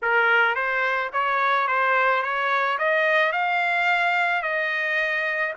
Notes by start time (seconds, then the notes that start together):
0.02 A#4
0.55 C5
1.12 C#5
1.67 C5
2.22 C#5
2.78 D#5
3.32 F5
4.42 D#5